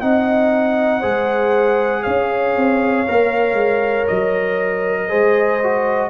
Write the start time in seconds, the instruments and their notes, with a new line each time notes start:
0.00 tuba C4, trombone D#4, horn D#5, trumpet F#5
1.00 tuba G#3, trombone G#4, horn C5
2.03 tuba C#4, horn C#5, trumpet F5
2.56 tuba C4
3.07 tuba A#3, trombone A#4
3.53 tuba G#3
4.07 tuba F#3, trumpet D#5
5.08 tuba G#3, trombone G#4, horn C5
5.62 trombone F#4